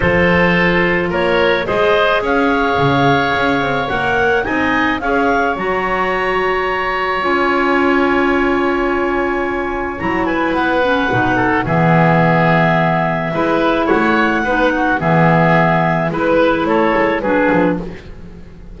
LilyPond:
<<
  \new Staff \with { instrumentName = "clarinet" } { \time 4/4 \tempo 4 = 108 c''2 cis''4 dis''4 | f''2. fis''4 | gis''4 f''4 ais''2~ | ais''4 gis''2.~ |
gis''2 ais''8 gis''8 fis''4~ | fis''4 e''2.~ | e''4 fis''2 e''4~ | e''4 b'4 cis''4 b'4 | }
  \new Staff \with { instrumentName = "oboe" } { \time 4/4 a'2 ais'4 c''4 | cis''1 | dis''4 cis''2.~ | cis''1~ |
cis''2~ cis''8 b'4.~ | b'8 a'8 gis'2. | b'4 cis''4 b'8 fis'8 gis'4~ | gis'4 b'4 a'4 gis'4 | }
  \new Staff \with { instrumentName = "clarinet" } { \time 4/4 f'2. gis'4~ | gis'2. ais'4 | dis'4 gis'4 fis'2~ | fis'4 f'2.~ |
f'2 e'4. cis'8 | dis'4 b2. | e'2 dis'4 b4~ | b4 e'2 d'4 | }
  \new Staff \with { instrumentName = "double bass" } { \time 4/4 f2 ais4 gis4 | cis'4 cis4 cis'8 c'8 ais4 | c'4 cis'4 fis2~ | fis4 cis'2.~ |
cis'2 fis4 b4 | b,4 e2. | gis4 a4 b4 e4~ | e4 gis4 a8 gis8 fis8 f8 | }
>>